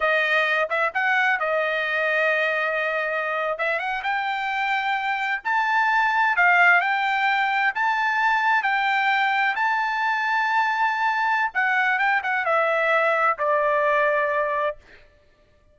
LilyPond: \new Staff \with { instrumentName = "trumpet" } { \time 4/4 \tempo 4 = 130 dis''4. e''8 fis''4 dis''4~ | dis''2.~ dis''8. e''16~ | e''16 fis''8 g''2. a''16~ | a''4.~ a''16 f''4 g''4~ g''16~ |
g''8. a''2 g''4~ g''16~ | g''8. a''2.~ a''16~ | a''4 fis''4 g''8 fis''8 e''4~ | e''4 d''2. | }